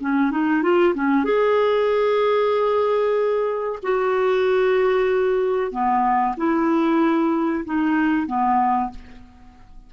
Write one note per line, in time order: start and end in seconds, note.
0.00 0.31 C#4
0.31 0.62 D#4
0.62 0.94 F4
0.94 1.24 C#4
1.24 3.79 G#4
3.83 5.71 F#4
5.71 6.35 B3
6.37 7.65 E4
7.65 8.27 D#4
8.27 8.90 B3